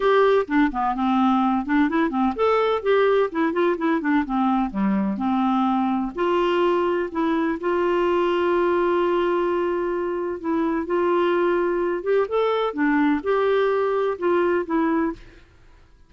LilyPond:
\new Staff \with { instrumentName = "clarinet" } { \time 4/4 \tempo 4 = 127 g'4 d'8 b8 c'4. d'8 | e'8 c'8 a'4 g'4 e'8 f'8 | e'8 d'8 c'4 g4 c'4~ | c'4 f'2 e'4 |
f'1~ | f'2 e'4 f'4~ | f'4. g'8 a'4 d'4 | g'2 f'4 e'4 | }